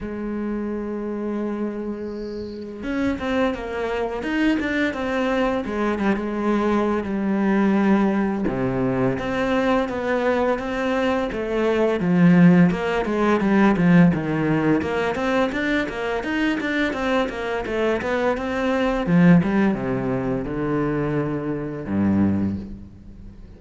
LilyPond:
\new Staff \with { instrumentName = "cello" } { \time 4/4 \tempo 4 = 85 gis1 | cis'8 c'8 ais4 dis'8 d'8 c'4 | gis8 g16 gis4~ gis16 g2 | c4 c'4 b4 c'4 |
a4 f4 ais8 gis8 g8 f8 | dis4 ais8 c'8 d'8 ais8 dis'8 d'8 | c'8 ais8 a8 b8 c'4 f8 g8 | c4 d2 g,4 | }